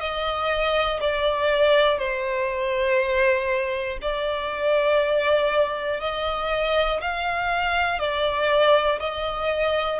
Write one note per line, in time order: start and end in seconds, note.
0.00 1.00 D#5
1.00 1.98 D5
1.98 3.98 C5
4.01 6.00 D5
6.00 7.00 D#5
7.01 7.99 F5
7.99 8.99 D5
9.00 10.00 D#5